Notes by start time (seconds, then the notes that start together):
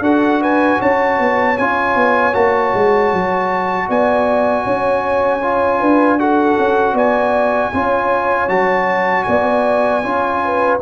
0.00 D4 F#4 A4 F#5
0.41 B4 G#5
0.79 C#4 C#5 A5
1.19 B3
1.58 C#4 F4 G#5
1.95 B3
2.33 A#3 F#4 A5
2.74 G#3
3.13 F#3
3.89 B3 D5 G#5
4.65 C#4 C#5
5.42 F4
5.80 D4 B4
6.19 F#4 A4 F#5
6.58 C#4
6.94 B3 D5 G#5
7.73 C#4 F4 C#5
8.49 F#3 F#4 A5
9.24 B3 D5 G#5
10.03 C#4 F4 C#5
10.45 B4